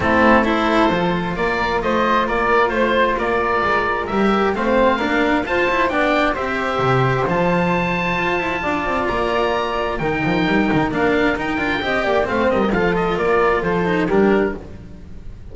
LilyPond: <<
  \new Staff \with { instrumentName = "oboe" } { \time 4/4 \tempo 4 = 132 a'4 c''2 d''4 | dis''4 d''4 c''4 d''4~ | d''4 e''4 f''2 | a''4 g''4 e''2 |
a''1 | ais''2 g''2 | f''4 g''2 f''8 dis''8 | f''8 dis''8 d''4 c''4 ais'4 | }
  \new Staff \with { instrumentName = "flute" } { \time 4/4 e'4 a'2 ais'4 | c''4 ais'4 c''4 ais'4~ | ais'2 c''4 ais'4 | c''4 d''4 c''2~ |
c''2. d''4~ | d''2 ais'2~ | ais'2 dis''8 d''8 c''8 ais'8 | a'4 ais'4 a'4 g'4 | }
  \new Staff \with { instrumentName = "cello" } { \time 4/4 c'4 e'4 f'2~ | f'1~ | f'4 g'4 c'4 d'4 | f'8 e'8 d'4 g'2 |
f'1~ | f'2 dis'2 | d'4 dis'8 f'8 g'4 c'4 | f'2~ f'8 dis'8 d'4 | }
  \new Staff \with { instrumentName = "double bass" } { \time 4/4 a2 f4 ais4 | a4 ais4 a4 ais4 | gis4 g4 a4 ais4 | f'4 b4 c'4 c4 |
f2 f'8 e'8 d'8 c'8 | ais2 dis8 f8 g8 dis8 | ais4 dis'8 d'8 c'8 ais8 a8 g8 | f4 ais4 f4 g4 | }
>>